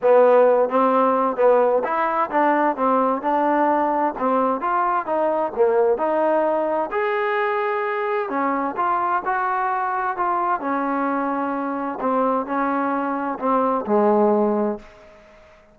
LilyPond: \new Staff \with { instrumentName = "trombone" } { \time 4/4 \tempo 4 = 130 b4. c'4. b4 | e'4 d'4 c'4 d'4~ | d'4 c'4 f'4 dis'4 | ais4 dis'2 gis'4~ |
gis'2 cis'4 f'4 | fis'2 f'4 cis'4~ | cis'2 c'4 cis'4~ | cis'4 c'4 gis2 | }